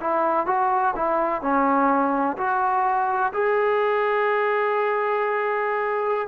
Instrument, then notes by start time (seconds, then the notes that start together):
trombone
0.00 E4
0.46 F#4
0.95 E4
1.41 C#4
2.37 F#4
3.33 G#4